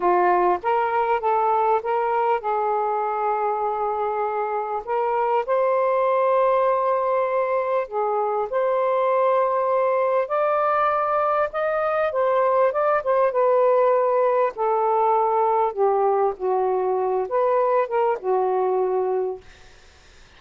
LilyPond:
\new Staff \with { instrumentName = "saxophone" } { \time 4/4 \tempo 4 = 99 f'4 ais'4 a'4 ais'4 | gis'1 | ais'4 c''2.~ | c''4 gis'4 c''2~ |
c''4 d''2 dis''4 | c''4 d''8 c''8 b'2 | a'2 g'4 fis'4~ | fis'8 b'4 ais'8 fis'2 | }